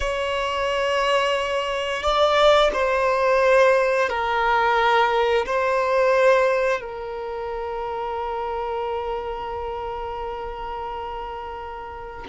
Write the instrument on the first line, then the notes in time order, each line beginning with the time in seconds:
violin
0.00 C#5
2.02 D5
2.73 C5
4.09 A#4
5.45 C5
6.80 A#4